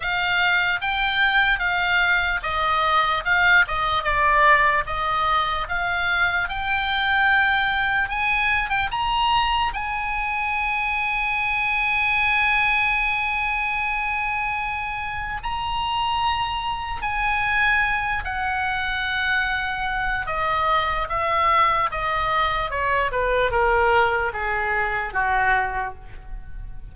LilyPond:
\new Staff \with { instrumentName = "oboe" } { \time 4/4 \tempo 4 = 74 f''4 g''4 f''4 dis''4 | f''8 dis''8 d''4 dis''4 f''4 | g''2 gis''8. g''16 ais''4 | gis''1~ |
gis''2. ais''4~ | ais''4 gis''4. fis''4.~ | fis''4 dis''4 e''4 dis''4 | cis''8 b'8 ais'4 gis'4 fis'4 | }